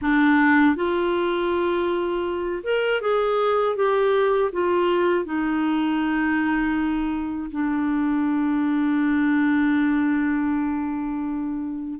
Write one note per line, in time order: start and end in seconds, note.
0.01 0.75 D4
0.75 2.62 F4
2.63 3.01 A#4
3.01 3.75 G#4
3.75 4.50 G4
4.52 5.25 F4
5.25 7.50 D#4
7.51 11.99 D4